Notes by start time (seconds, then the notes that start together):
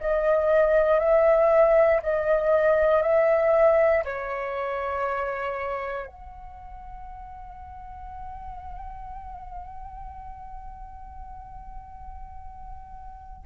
0.00 D#5
0.99 E5
2.02 D#5
3.02 E5
4.05 C#5
6.07 F#5